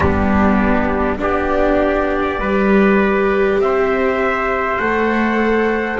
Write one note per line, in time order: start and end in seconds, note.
0.00 1.18 G3
0.00 1.18 B3
0.00 1.19 D4
0.00 1.18 G4
1.18 2.38 B3
1.18 2.38 D4
1.18 2.40 G4
1.18 3.61 D5
2.38 3.58 G3
2.38 4.81 G4
2.38 3.60 B4
3.58 4.78 C4
3.58 5.99 C5
3.58 4.78 E5
4.78 5.99 A3
4.78 5.99 A4
4.78 5.98 F#5